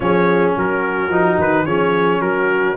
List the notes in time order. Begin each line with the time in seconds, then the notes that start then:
0.00 F3 C#4 G#4 C#5
0.56 F#3 F#4 A#4
1.09 F3 D#4
1.38 D#3 B4
1.65 F3 C#4 G#4 C#5
2.19 F#3 F#4 A#4